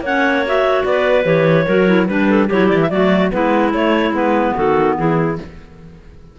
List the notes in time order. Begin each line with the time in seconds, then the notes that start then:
0.00 A#3 C#4 C#5 F#5
0.45 F#4 E5
0.84 B3 B4 D5
1.23 E3 G4 C#5
1.66 F#3 F#4 A#4
1.86 E4
2.06 G3 D4 B4
2.29 A4
2.47 F#3 E4 G4 C#5
2.68 E3 D5
2.82 E5
2.89 F#3 A3 F#4 D5
3.30 G#3 B3 E4 B4
3.73 A3 C#5
4.10 G#3 B3 B4
4.54 D#3 F#4 A4
4.96 E3 E4 G#4